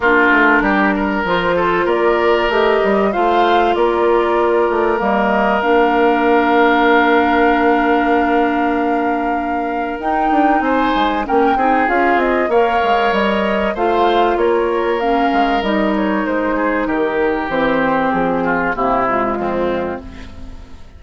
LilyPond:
<<
  \new Staff \with { instrumentName = "flute" } { \time 4/4 \tempo 4 = 96 ais'2 c''4 d''4 | dis''4 f''4 d''2 | dis''4 f''2.~ | f''1 |
g''4 gis''4 g''4 f''8 dis''8 | f''4 dis''4 f''4 cis''4 | f''4 dis''8 cis''8 c''4 ais'4 | c''4 gis'4 g'8 f'4. | }
  \new Staff \with { instrumentName = "oboe" } { \time 4/4 f'4 g'8 ais'4 a'8 ais'4~ | ais'4 c''4 ais'2~ | ais'1~ | ais'1~ |
ais'4 c''4 ais'8 gis'4. | cis''2 c''4 ais'4~ | ais'2~ ais'8 gis'8 g'4~ | g'4. f'8 e'4 c'4 | }
  \new Staff \with { instrumentName = "clarinet" } { \time 4/4 d'2 f'2 | g'4 f'2. | ais4 d'2.~ | d'1 |
dis'2 cis'8 dis'8 f'4 | ais'2 f'2 | cis'4 dis'2. | c'2 ais8 gis4. | }
  \new Staff \with { instrumentName = "bassoon" } { \time 4/4 ais8 a8 g4 f4 ais4 | a8 g8 a4 ais4. a8 | g4 ais2.~ | ais1 |
dis'8 d'8 c'8 gis8 ais8 c'8 cis'8 c'8 | ais8 gis8 g4 a4 ais4~ | ais8 gis8 g4 gis4 dis4 | e4 f4 c4 f,4 | }
>>